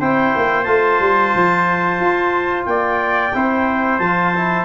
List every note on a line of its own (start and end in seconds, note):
0.00 0.34 C4
0.00 0.66 E4
0.00 2.67 C5
0.00 0.63 G5
0.36 0.67 A#3
0.63 1.00 A3
0.63 3.32 F4
0.63 2.63 A5
1.00 1.33 G3
1.35 2.00 F3
2.00 2.67 F4
2.66 3.33 A#3
2.66 3.36 D5
2.66 3.99 G5
3.34 3.99 C4
3.34 4.01 E4
3.34 4.66 C5
3.99 4.66 F3
3.99 4.35 F4
3.99 4.66 A5
4.36 4.66 E4